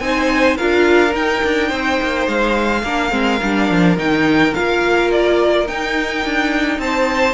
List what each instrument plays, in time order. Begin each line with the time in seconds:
0.00 cello C4, viola D#4, violin C5 G#5
0.58 cello D4, viola F4, violin A#4 F5
1.10 viola D#4, cello D#4, violin G5
1.44 cello D4
1.69 cello C4, violin C5
2.03 cello A#3
2.28 cello G#3, violin F5
2.82 cello A#3, viola D4, violin A#4
3.11 cello G#3, viola C4
3.43 cello G3, viola D4
3.71 cello F3
3.97 cello D#3, viola D#4, violin G5
4.54 cello A#3, viola F4, violin F5
5.12 violin D5
5.66 viola D#4, cello D#4, violin G5
6.25 cello D4
6.79 cello C4, violin C5 A5